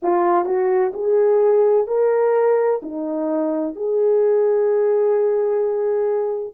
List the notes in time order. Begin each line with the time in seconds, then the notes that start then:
0.02 F4
0.45 F#4
0.93 G#4
1.87 A#4
2.82 D#4
3.75 G#4